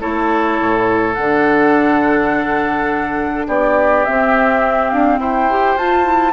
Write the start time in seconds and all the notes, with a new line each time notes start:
0.00 A3 E4 A4 C#5
0.60 A2
1.14 D3 D4 F#5
3.47 B3 G4 D5
4.04 C4 E5
4.90 D4 F5
5.19 E4 C5 G5
5.50 G4
5.76 F4 A5
6.03 E4